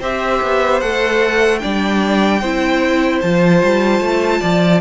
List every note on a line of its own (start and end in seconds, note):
0.00 0.40 C4
0.00 0.82 G4
0.00 1.60 C5
0.00 0.80 E5
0.42 0.82 B3
0.80 1.62 A3
0.80 1.60 A4
0.80 1.59 F#5
1.59 2.42 G3
1.59 2.40 D4
1.59 2.41 D5
1.59 3.19 G5
2.41 3.22 C4
2.41 3.24 E4
2.41 4.40 C5
3.21 3.63 F3
3.21 4.81 F4
3.21 4.81 A5
3.63 4.00 G3
4.00 4.41 A3
4.40 4.81 F3
4.40 4.80 D5